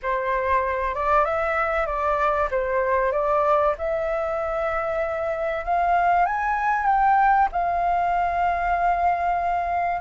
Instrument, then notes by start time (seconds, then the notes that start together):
flute
0.02 C5
0.94 D5
1.24 E5
1.86 D5
2.50 C5
3.12 D5
3.78 E5
5.64 F5
6.25 G#5
6.86 G5
7.52 F5